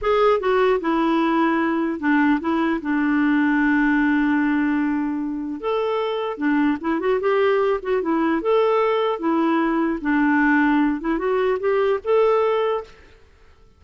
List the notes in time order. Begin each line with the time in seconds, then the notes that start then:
0.01 G#4
0.39 F#4
0.80 E4
1.99 D4
2.40 E4
2.81 D4
5.60 A4
6.37 D4
6.81 E4
7.00 F#4
7.20 G4
7.82 F#4
8.01 E4
8.41 A4
9.19 E4
10.01 D4
11.00 E4
11.18 F#4
11.59 G4
12.04 A4